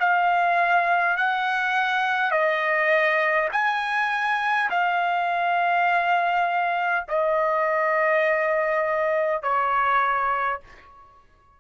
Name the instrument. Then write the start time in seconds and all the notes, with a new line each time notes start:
trumpet
0.00 F5
1.17 F#5
2.32 D#5
3.52 G#5
4.70 F5
7.08 D#5
9.43 C#5